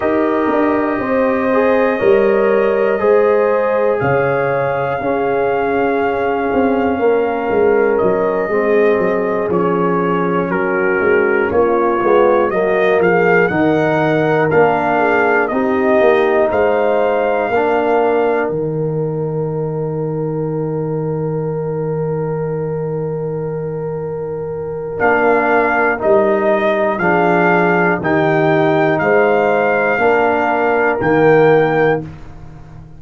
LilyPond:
<<
  \new Staff \with { instrumentName = "trumpet" } { \time 4/4 \tempo 4 = 60 dis''1 | f''1 | dis''4. cis''4 ais'4 cis''8~ | cis''8 dis''8 f''8 fis''4 f''4 dis''8~ |
dis''8 f''2 g''4.~ | g''1~ | g''4 f''4 dis''4 f''4 | g''4 f''2 g''4 | }
  \new Staff \with { instrumentName = "horn" } { \time 4/4 ais'4 c''4 cis''4 c''4 | cis''4 gis'2 ais'4~ | ais'8 gis'2 fis'4 f'8~ | f'8 fis'8 gis'8 ais'4. gis'8 g'8~ |
g'8 c''4 ais'2~ ais'8~ | ais'1~ | ais'2. gis'4 | g'4 c''4 ais'2 | }
  \new Staff \with { instrumentName = "trombone" } { \time 4/4 g'4. gis'8 ais'4 gis'4~ | gis'4 cis'2.~ | cis'8 c'4 cis'2~ cis'8 | b8 ais4 dis'4 d'4 dis'8~ |
dis'4. d'4 dis'4.~ | dis'1~ | dis'4 d'4 dis'4 d'4 | dis'2 d'4 ais4 | }
  \new Staff \with { instrumentName = "tuba" } { \time 4/4 dis'8 d'8 c'4 g4 gis4 | cis4 cis'4. c'8 ais8 gis8 | fis8 gis8 fis8 f4 fis8 gis8 ais8 | gis8 fis8 f8 dis4 ais4 c'8 |
ais8 gis4 ais4 dis4.~ | dis1~ | dis4 ais4 g4 f4 | dis4 gis4 ais4 dis4 | }
>>